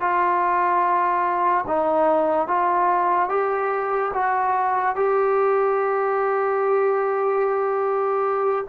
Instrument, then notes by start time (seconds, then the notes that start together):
trombone
0.00 F4
1.67 D#4
2.47 F4
3.29 G4
4.14 F#4
4.95 G4